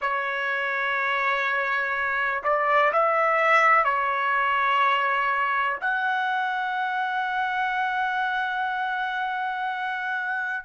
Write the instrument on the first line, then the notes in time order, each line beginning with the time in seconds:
trumpet
0.01 C#5
2.43 D5
2.93 E5
3.84 C#5
5.80 F#5